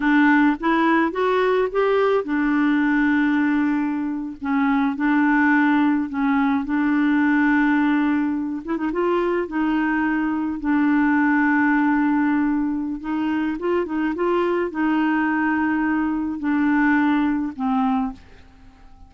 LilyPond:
\new Staff \with { instrumentName = "clarinet" } { \time 4/4 \tempo 4 = 106 d'4 e'4 fis'4 g'4 | d'2.~ d'8. cis'16~ | cis'8. d'2 cis'4 d'16~ | d'2.~ d'16 e'16 dis'16 f'16~ |
f'8. dis'2 d'4~ d'16~ | d'2. dis'4 | f'8 dis'8 f'4 dis'2~ | dis'4 d'2 c'4 | }